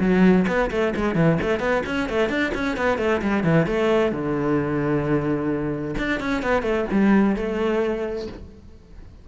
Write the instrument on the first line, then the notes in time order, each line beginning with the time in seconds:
cello
0.00 F#3
0.48 B3
0.71 A3
0.96 G#3
1.16 E3
1.42 A3
1.60 B3
1.87 C#4
2.09 A3
2.29 D4
2.55 C#4
2.77 B3
2.99 A3
3.22 G3
3.44 E3
3.67 A3
4.12 D3
5.98 D4
6.20 C#4
6.43 B3
6.63 A3
6.92 G3
7.37 A3